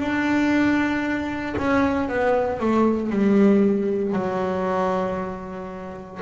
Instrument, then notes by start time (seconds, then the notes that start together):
double bass
0.00 D4
1.57 C#4
2.08 B3
2.60 A3
3.10 G3
4.13 F#3